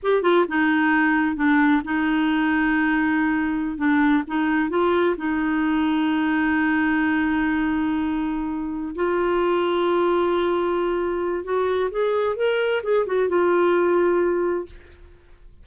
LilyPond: \new Staff \with { instrumentName = "clarinet" } { \time 4/4 \tempo 4 = 131 g'8 f'8 dis'2 d'4 | dis'1~ | dis'16 d'4 dis'4 f'4 dis'8.~ | dis'1~ |
dis'2.~ dis'8 f'8~ | f'1~ | f'4 fis'4 gis'4 ais'4 | gis'8 fis'8 f'2. | }